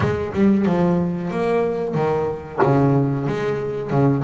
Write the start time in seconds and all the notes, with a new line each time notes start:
0.00 G#3
0.33 G3
0.65 F3
1.30 A#3
1.94 D#3
2.62 C#3
3.26 G#3
3.90 C#3